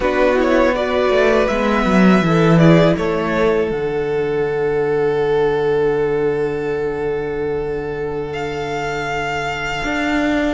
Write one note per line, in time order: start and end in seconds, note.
0.00 1.09 B3
0.00 0.35 D4
0.00 0.73 F#4
0.00 0.37 B4
0.35 0.72 E4
0.35 0.74 C#5
0.74 1.49 F#4
0.74 2.24 B4
0.74 1.47 D5
1.09 1.46 A3
1.47 1.85 G#3
1.47 2.23 B3
1.47 2.58 E5
1.85 2.21 F#3
2.21 2.95 E3
2.21 3.71 E4
2.21 2.60 A4
2.58 2.97 G#4
2.58 2.95 D5
2.97 3.71 A3
2.97 10.53 A4
2.97 3.71 C#5
3.71 9.82 D3
3.71 10.53 D4
3.71 8.33 F#5
8.33 10.53 F5
9.84 10.53 D4